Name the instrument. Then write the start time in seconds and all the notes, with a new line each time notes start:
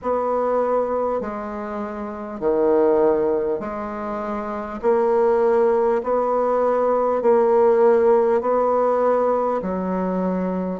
bassoon
0.02 B3
1.20 G#3
2.39 D#3
3.60 G#3
4.82 A#3
6.03 B3
7.22 A#3
8.41 B3
9.62 F#3